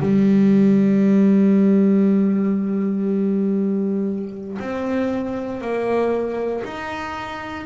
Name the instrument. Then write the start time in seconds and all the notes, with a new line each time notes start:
double bass
0.00 G3
4.59 C4
5.61 A#3
6.64 D#4